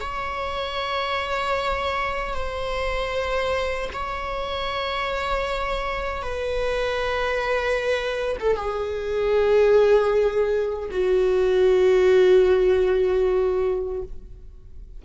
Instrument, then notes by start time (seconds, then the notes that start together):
viola
0.00 C#5
2.34 C5
3.93 C#5
6.22 B4
8.40 A4
8.56 G#4
10.91 F#4